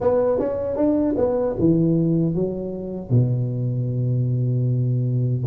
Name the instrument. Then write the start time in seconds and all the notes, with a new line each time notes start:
tuba
0.00 B3
0.39 C#4
0.76 D4
1.17 B3
1.59 E3
2.34 F#3
3.10 B2